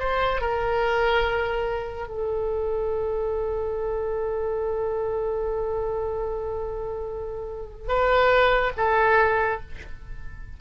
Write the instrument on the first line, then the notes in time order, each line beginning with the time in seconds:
oboe
0.00 C5
0.41 A#4
2.08 A4
7.89 B4
8.77 A4